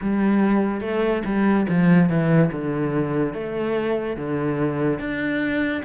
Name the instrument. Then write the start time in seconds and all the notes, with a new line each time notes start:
cello
0.02 G3
0.81 A3
1.25 G3
1.69 F3
2.09 E3
2.52 D3
3.33 A3
4.16 D3
4.98 D4